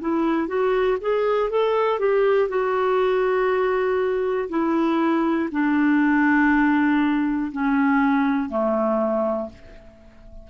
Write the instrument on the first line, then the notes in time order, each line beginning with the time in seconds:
clarinet
0.00 E4
0.47 F#4
1.00 G#4
1.50 A4
1.99 G4
2.49 F#4
4.49 E4
5.51 D4
7.52 C#4
8.49 A3